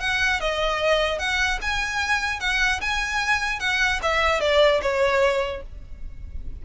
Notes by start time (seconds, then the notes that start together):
0.00 F#5
0.40 D#5
1.19 F#5
1.61 G#5
2.40 F#5
2.81 G#5
3.60 F#5
4.02 E5
4.40 D5
4.82 C#5